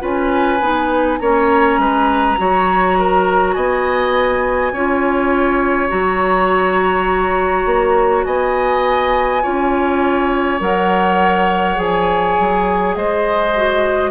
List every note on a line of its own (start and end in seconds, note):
0.00 0.60 C#4
0.00 0.59 F4
0.00 1.19 B4
0.00 1.19 G#5
0.60 1.19 B3
0.60 1.20 D#4
1.19 1.78 A#3
1.19 2.38 C#4
1.19 1.80 C#5
1.19 3.53 A#5
1.78 2.37 G#3
1.78 2.39 B4
2.38 3.56 F#3
2.38 4.73 F#4
2.38 2.99 C#5
2.99 3.55 A#4
3.53 4.72 B3
3.53 4.73 D#5
3.53 5.88 G#5
4.72 5.90 C#4
4.72 5.88 F4
4.72 8.26 C#5
5.88 7.66 F#3
5.88 9.41 F#4
5.88 8.25 A#5
7.66 8.25 A#3
8.25 9.44 B3
8.25 9.43 D#5
8.25 10.60 G#5
9.43 10.60 C#4
9.43 10.59 F4
9.43 12.96 C#5
10.59 11.78 F#3
10.59 11.76 A#4
10.59 11.79 F#5
11.76 12.37 F3
11.76 13.53 G#4
11.76 12.95 G#5
12.39 12.95 F#3
12.95 14.11 G#3
12.95 14.11 C5
12.95 14.11 D#5
13.56 14.11 F#4